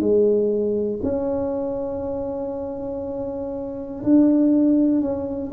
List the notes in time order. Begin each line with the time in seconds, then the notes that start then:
0.00 G#3
1.02 C#4
4.03 D4
5.01 C#4